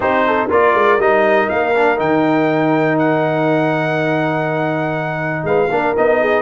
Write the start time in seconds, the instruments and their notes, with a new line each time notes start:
0.00 tuba C4, trombone D#4, horn G4, trumpet C5
0.27 horn A4
0.48 tuba A#3, trombone F4, horn A#4, trumpet D5
0.74 tuba G#3
0.98 tuba G3, trombone D#4, trumpet D#5
1.49 tuba A#3, trumpet F5
1.74 trombone D4
1.96 tuba D#3, trombone D#4, trumpet G5
2.98 trumpet F#5
5.43 tuba G#3, horn B4, trumpet F5
5.70 tuba A#3, trombone D4, horn A#4
5.96 tuba B3, trombone D#4, trumpet D#5
6.21 horn G#4